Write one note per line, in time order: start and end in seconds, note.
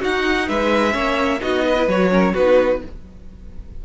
0.00 0.92 D#4
0.00 0.50 D#4
0.00 0.48 F#4
0.00 0.49 F#5
0.49 0.95 G#3
0.49 0.93 B4
0.49 1.42 E5
0.92 1.42 A#3
0.92 1.38 C#4
0.92 1.40 C#5
1.41 1.88 B3
1.41 1.76 D#4
1.41 1.65 F#4
1.41 1.89 D#5
1.65 2.11 B4
1.78 1.89 E4
1.88 2.34 F#3
1.88 2.10 F#4
1.88 2.35 C#5
2.10 2.33 C#4
2.10 2.34 A#4
2.34 2.82 B3
2.34 2.86 D#4
2.34 2.80 F#4
2.34 2.82 B4